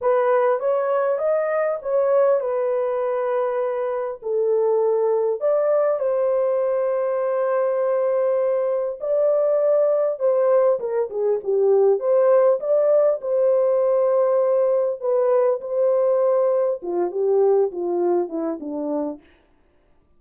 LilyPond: \new Staff \with { instrumentName = "horn" } { \time 4/4 \tempo 4 = 100 b'4 cis''4 dis''4 cis''4 | b'2. a'4~ | a'4 d''4 c''2~ | c''2. d''4~ |
d''4 c''4 ais'8 gis'8 g'4 | c''4 d''4 c''2~ | c''4 b'4 c''2 | f'8 g'4 f'4 e'8 d'4 | }